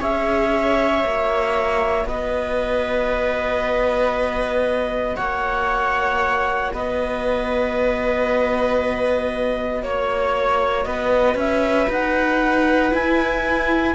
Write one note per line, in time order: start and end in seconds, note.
0.00 1.04 C#4
0.00 1.02 G#4
0.00 2.07 C#5
0.00 2.08 E5
1.02 2.05 A#3
1.02 12.91 F#4
2.05 5.16 B3
2.05 5.17 B4
2.05 5.17 D#5
5.17 6.75 A#3
5.17 6.72 C#5
5.17 6.72 F#5
6.74 9.83 B3
6.74 9.84 B4
6.74 9.84 D#5
9.83 10.86 A#3
9.83 10.84 C#5
9.83 10.87 C#5
10.84 11.35 B3
10.84 13.95 B4
10.84 11.36 D#5
11.35 11.87 C#4
11.35 11.91 E5
11.90 12.93 D#4
11.90 12.94 F#5
12.91 13.95 E4
12.91 13.95 G#5